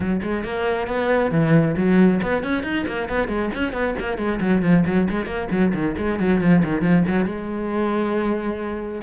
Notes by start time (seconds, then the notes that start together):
0.00 F#3
0.22 G#3
0.44 A#3
0.87 B3
1.31 E3
1.76 F#3
2.22 B3
2.43 C#4
2.63 D#4
2.87 A#3
3.09 B3
3.28 G#3
3.54 C#4
3.73 B3
3.99 A#3
4.17 G#3
4.40 F#3
4.62 F3
4.85 F#3
5.10 G#3
5.26 A#3
5.51 F#3
5.74 D#3
5.97 G#3
6.19 F#3
6.41 F3
6.63 D#3
6.81 F3
7.07 F#3
7.25 G#3